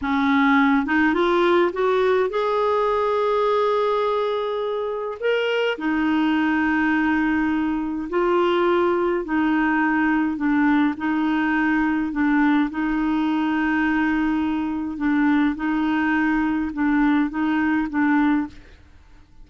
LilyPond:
\new Staff \with { instrumentName = "clarinet" } { \time 4/4 \tempo 4 = 104 cis'4. dis'8 f'4 fis'4 | gis'1~ | gis'4 ais'4 dis'2~ | dis'2 f'2 |
dis'2 d'4 dis'4~ | dis'4 d'4 dis'2~ | dis'2 d'4 dis'4~ | dis'4 d'4 dis'4 d'4 | }